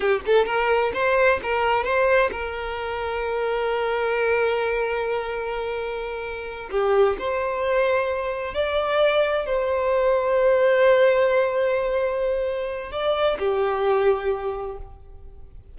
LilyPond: \new Staff \with { instrumentName = "violin" } { \time 4/4 \tempo 4 = 130 g'8 a'8 ais'4 c''4 ais'4 | c''4 ais'2.~ | ais'1~ | ais'2~ ais'8 g'4 c''8~ |
c''2~ c''8 d''4.~ | d''8 c''2.~ c''8~ | c''1 | d''4 g'2. | }